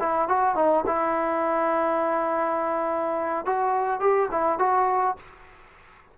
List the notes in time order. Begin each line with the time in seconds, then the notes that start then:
0.00 E4
0.29 F#4
0.56 D#4
0.87 E4
3.46 F#4
4.00 G4
4.32 E4
4.59 F#4